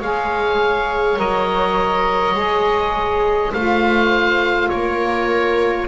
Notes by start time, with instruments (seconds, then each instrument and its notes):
0.00 double bass G#3, saxophone G#4, viola C#5, oboe F5
1.17 double bass F#3, saxophone A#4, oboe D#5
2.35 double bass G#3, saxophone G#4
3.51 double bass A3, saxophone F4, viola C5, oboe F5
4.69 double bass A#3, viola A#4, oboe C#5